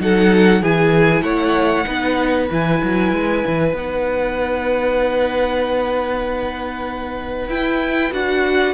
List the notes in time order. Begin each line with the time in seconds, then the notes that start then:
0.00 F#3 D#4 A4 F#5
0.62 E3 E4 G#4 G#5
1.22 A3 C#5 F#5
1.86 B3 D#4 B4
2.51 E3 E4 G#5
2.84 F#3
3.13 G#3
3.48 E3
3.74 B3 D#4 F#5
7.49 E4 G5
8.12 D4 F#4 F#5